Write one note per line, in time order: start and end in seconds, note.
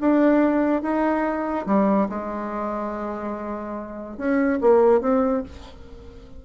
0.00 0.82 D4
0.82 1.66 D#4
1.66 2.08 G3
2.09 4.17 G#3
4.17 4.59 C#4
4.61 5.01 A#3
5.01 5.43 C4